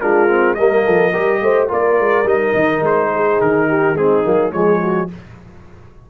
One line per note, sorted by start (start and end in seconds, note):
0.00 0.58 G#3
0.00 0.28 D4
0.00 0.58 F4
0.00 0.54 A#4
0.28 0.57 C4
0.54 0.86 G3
0.54 1.13 A#3
0.54 0.86 A#4
0.54 1.67 D#5
0.86 1.13 F3
0.86 1.11 A4
1.11 1.41 G3
1.11 1.68 G4
1.11 1.40 A#4
1.41 1.69 A3
1.41 1.69 C5
1.68 1.99 A#3
1.68 2.24 F4
1.68 3.10 A#4
1.68 2.28 D5
1.99 2.24 G#3
2.24 2.53 G3
2.24 3.95 D#4
2.24 2.85 D#5
2.54 2.81 D#3
2.81 3.37 G#3
2.81 3.41 C5
3.13 3.68 G#4
3.41 3.94 D#3
3.41 3.97 A#4
3.68 3.96 G4
3.94 4.22 G#3
3.94 4.24 C4
3.94 4.52 D#4
3.94 4.52 G#4
4.24 4.53 F#3
4.24 4.52 A#3
4.52 5.10 F3
4.52 5.08 G#3
4.52 4.81 G#4
4.52 5.08 C#5
4.81 5.09 F#4